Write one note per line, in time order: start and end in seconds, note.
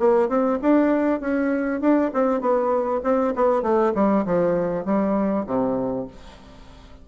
0.00 0.29 A#3
0.29 0.59 C4
0.62 1.21 D4
1.21 1.81 C#4
1.81 2.11 D4
2.14 2.41 C4
2.41 3.02 B3
3.04 3.34 C4
3.36 3.63 B3
3.63 3.93 A3
3.95 4.25 G3
4.26 4.85 F3
4.85 5.46 G3
5.47 6.07 C3